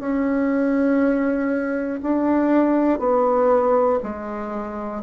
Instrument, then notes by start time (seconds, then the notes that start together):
bassoon
0.00 C#4
2.03 D4
3.00 B3
4.03 G#3